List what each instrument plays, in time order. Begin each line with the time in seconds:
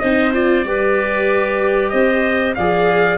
0.00 tuba C4, viola D#4, clarinet C5, trumpet D#5
0.34 viola F4, trumpet D5
0.65 tuba G3, viola G4, clarinet B4
1.90 tuba C4, clarinet C5, trumpet D#5
2.55 tuba F3, viola G#4, clarinet D5, trumpet F5